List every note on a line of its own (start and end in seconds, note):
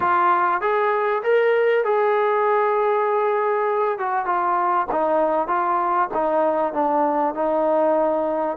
0.00 0.61 F4
0.61 1.22 G#4
1.23 1.84 A#4
1.84 3.98 G#4
3.98 4.25 F#4
4.25 4.86 F4
4.91 5.47 D#4
5.47 6.09 F4
6.14 6.73 D#4
6.73 7.34 D4
7.34 8.57 D#4